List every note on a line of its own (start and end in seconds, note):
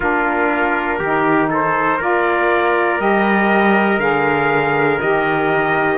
0.00 0.99 A#3
0.00 1.01 D4
0.00 0.98 F4
0.00 1.50 A#4
0.98 1.99 D#3
0.98 2.00 D#4
0.98 1.48 G4
1.50 1.97 A4
1.50 2.01 C5
1.97 2.99 A#3
1.97 2.98 F4
1.97 5.97 A#4
1.97 3.00 D5
2.98 3.98 G3
2.98 3.98 G4
2.98 3.99 D#5
3.98 4.98 D3
3.98 4.99 G#4
3.98 4.99 F5
5.00 5.98 D#3
5.00 5.98 G4
5.00 5.98 D#5